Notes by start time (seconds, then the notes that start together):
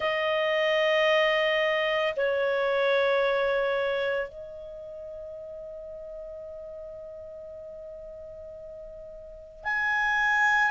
0.00 D#5
2.16 C#5
4.29 D#5
9.64 G#5